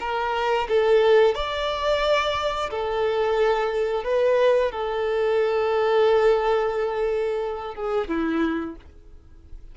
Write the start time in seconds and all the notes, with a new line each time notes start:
0.00 A#4
0.68 A4
1.35 D5
2.71 A4
4.04 B4
4.72 A4
7.75 G#4
8.08 E4